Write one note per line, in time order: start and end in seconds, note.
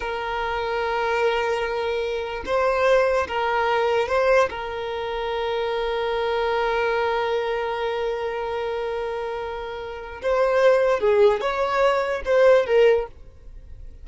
0.00 2.43 A#4
2.45 3.27 C5
3.27 4.08 A#4
4.08 4.49 C5
4.50 10.21 A#4
10.22 10.99 C5
10.99 11.40 G#4
11.40 12.22 C#5
12.25 12.66 C5
12.66 13.06 A#4